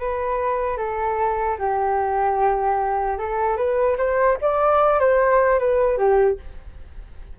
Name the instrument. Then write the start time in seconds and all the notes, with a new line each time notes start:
flute
0.00 B4
0.78 A4
1.59 G4
3.18 A4
3.57 B4
3.98 C5
4.42 D5
5.00 C5
5.60 B4
5.98 G4